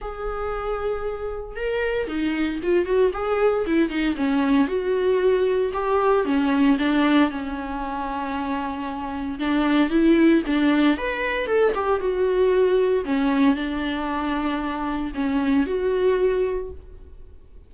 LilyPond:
\new Staff \with { instrumentName = "viola" } { \time 4/4 \tempo 4 = 115 gis'2. ais'4 | dis'4 f'8 fis'8 gis'4 e'8 dis'8 | cis'4 fis'2 g'4 | cis'4 d'4 cis'2~ |
cis'2 d'4 e'4 | d'4 b'4 a'8 g'8 fis'4~ | fis'4 cis'4 d'2~ | d'4 cis'4 fis'2 | }